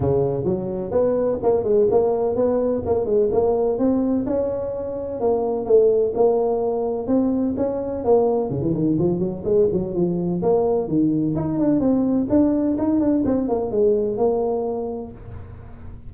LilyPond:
\new Staff \with { instrumentName = "tuba" } { \time 4/4 \tempo 4 = 127 cis4 fis4 b4 ais8 gis8 | ais4 b4 ais8 gis8 ais4 | c'4 cis'2 ais4 | a4 ais2 c'4 |
cis'4 ais4 cis16 e16 dis8 f8 fis8 | gis8 fis8 f4 ais4 dis4 | dis'8 d'8 c'4 d'4 dis'8 d'8 | c'8 ais8 gis4 ais2 | }